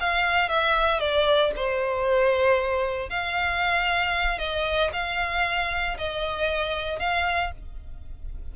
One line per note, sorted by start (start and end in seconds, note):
0.00 0.49 F5
0.49 0.99 E5
0.99 1.52 D5
1.56 3.09 C5
3.09 4.38 F5
4.38 4.90 D#5
4.93 5.97 F5
5.98 6.99 D#5
6.99 7.51 F5